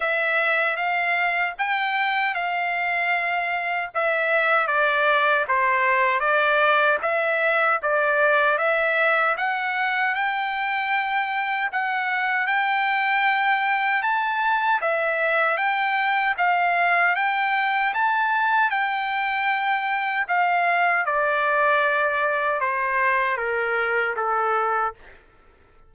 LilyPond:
\new Staff \with { instrumentName = "trumpet" } { \time 4/4 \tempo 4 = 77 e''4 f''4 g''4 f''4~ | f''4 e''4 d''4 c''4 | d''4 e''4 d''4 e''4 | fis''4 g''2 fis''4 |
g''2 a''4 e''4 | g''4 f''4 g''4 a''4 | g''2 f''4 d''4~ | d''4 c''4 ais'4 a'4 | }